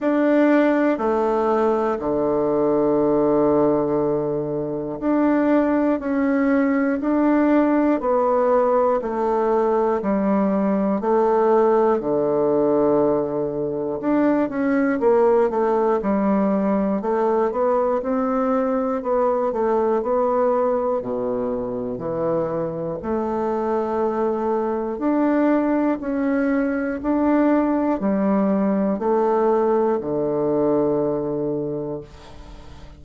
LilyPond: \new Staff \with { instrumentName = "bassoon" } { \time 4/4 \tempo 4 = 60 d'4 a4 d2~ | d4 d'4 cis'4 d'4 | b4 a4 g4 a4 | d2 d'8 cis'8 ais8 a8 |
g4 a8 b8 c'4 b8 a8 | b4 b,4 e4 a4~ | a4 d'4 cis'4 d'4 | g4 a4 d2 | }